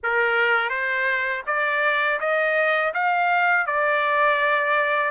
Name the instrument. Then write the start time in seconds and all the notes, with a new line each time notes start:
trumpet
0.03 A#4
0.70 C5
1.46 D5
2.20 D#5
2.94 F5
3.66 D5